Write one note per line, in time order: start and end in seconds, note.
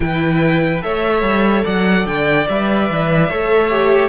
0.00 0.82 E3
0.00 0.81 E4
0.00 0.84 B4
0.00 0.82 G5
0.81 1.22 A3
0.81 2.45 A4
0.81 1.65 C#5
0.81 1.64 E5
1.22 1.63 G3
1.65 2.05 F#3
1.65 3.28 D5
1.65 2.06 F#5
2.05 2.46 D3
2.05 2.47 G5
2.48 2.90 G3
2.48 3.30 B4
2.48 4.08 E5
2.90 3.30 E3
3.28 4.08 A3
3.28 3.69 A4
3.28 4.08 C#5
3.69 4.08 G4